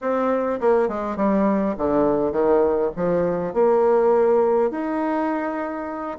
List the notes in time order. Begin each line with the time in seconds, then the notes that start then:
0.01 C4
0.60 A#3
0.88 G#3
1.16 G3
1.77 D3
2.32 D#3
2.96 F3
3.53 A#3
4.71 D#4